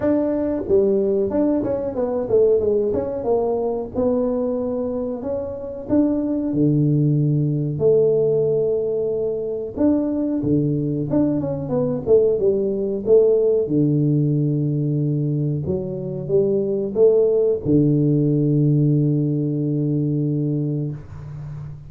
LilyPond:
\new Staff \with { instrumentName = "tuba" } { \time 4/4 \tempo 4 = 92 d'4 g4 d'8 cis'8 b8 a8 | gis8 cis'8 ais4 b2 | cis'4 d'4 d2 | a2. d'4 |
d4 d'8 cis'8 b8 a8 g4 | a4 d2. | fis4 g4 a4 d4~ | d1 | }